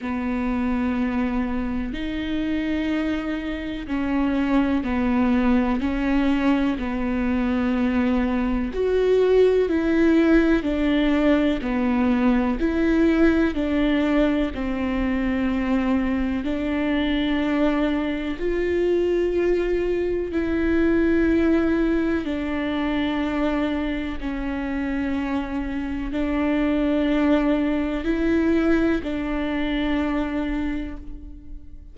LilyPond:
\new Staff \with { instrumentName = "viola" } { \time 4/4 \tempo 4 = 62 b2 dis'2 | cis'4 b4 cis'4 b4~ | b4 fis'4 e'4 d'4 | b4 e'4 d'4 c'4~ |
c'4 d'2 f'4~ | f'4 e'2 d'4~ | d'4 cis'2 d'4~ | d'4 e'4 d'2 | }